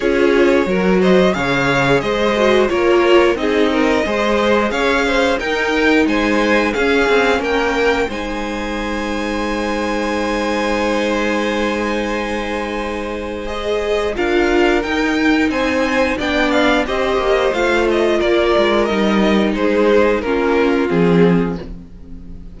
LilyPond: <<
  \new Staff \with { instrumentName = "violin" } { \time 4/4 \tempo 4 = 89 cis''4. dis''8 f''4 dis''4 | cis''4 dis''2 f''4 | g''4 gis''4 f''4 g''4 | gis''1~ |
gis''1 | dis''4 f''4 g''4 gis''4 | g''8 f''8 dis''4 f''8 dis''8 d''4 | dis''4 c''4 ais'4 gis'4 | }
  \new Staff \with { instrumentName = "violin" } { \time 4/4 gis'4 ais'8 c''8 cis''4 c''4 | ais'4 gis'8 ais'8 c''4 cis''8 c''8 | ais'4 c''4 gis'4 ais'4 | c''1~ |
c''1~ | c''4 ais'2 c''4 | d''4 c''2 ais'4~ | ais'4 gis'4 f'2 | }
  \new Staff \with { instrumentName = "viola" } { \time 4/4 f'4 fis'4 gis'4. fis'8 | f'4 dis'4 gis'2 | dis'2 cis'2 | dis'1~ |
dis'1 | gis'4 f'4 dis'2 | d'4 g'4 f'2 | dis'2 cis'4 c'4 | }
  \new Staff \with { instrumentName = "cello" } { \time 4/4 cis'4 fis4 cis4 gis4 | ais4 c'4 gis4 cis'4 | dis'4 gis4 cis'8 c'8 ais4 | gis1~ |
gis1~ | gis4 d'4 dis'4 c'4 | b4 c'8 ais8 a4 ais8 gis8 | g4 gis4 ais4 f4 | }
>>